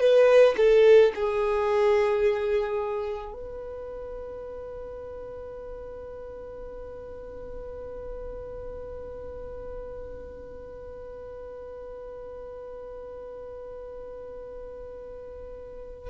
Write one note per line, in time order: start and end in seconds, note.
0.00 0.56 B4
0.58 1.13 A4
1.16 3.34 G#4
3.34 16.11 B4